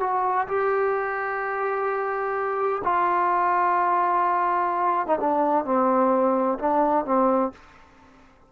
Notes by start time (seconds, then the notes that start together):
0.00 F#4
0.48 G4
2.84 F4
5.07 D#4
5.20 D4
5.65 C4
6.59 D4
7.05 C4